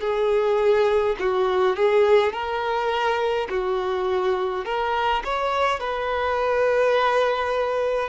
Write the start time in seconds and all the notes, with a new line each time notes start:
0.00 G#4
1.19 F#4
1.76 G#4
2.32 A#4
3.50 F#4
4.65 A#4
5.24 C#5
5.80 B4